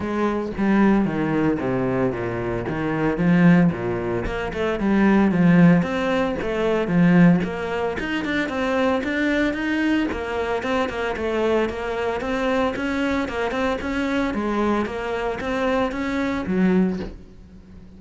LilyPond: \new Staff \with { instrumentName = "cello" } { \time 4/4 \tempo 4 = 113 gis4 g4 dis4 c4 | ais,4 dis4 f4 ais,4 | ais8 a8 g4 f4 c'4 | a4 f4 ais4 dis'8 d'8 |
c'4 d'4 dis'4 ais4 | c'8 ais8 a4 ais4 c'4 | cis'4 ais8 c'8 cis'4 gis4 | ais4 c'4 cis'4 fis4 | }